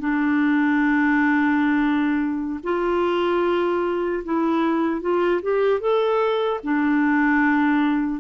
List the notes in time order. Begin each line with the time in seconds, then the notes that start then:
0.00 D4
2.64 F4
4.24 E4
5.01 F4
5.42 G4
5.80 A4
6.63 D4